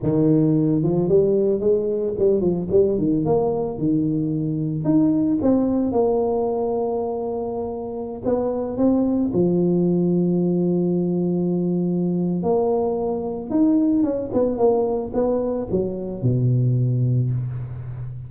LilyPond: \new Staff \with { instrumentName = "tuba" } { \time 4/4 \tempo 4 = 111 dis4. f8 g4 gis4 | g8 f8 g8 dis8 ais4 dis4~ | dis4 dis'4 c'4 ais4~ | ais2.~ ais16 b8.~ |
b16 c'4 f2~ f8.~ | f2. ais4~ | ais4 dis'4 cis'8 b8 ais4 | b4 fis4 b,2 | }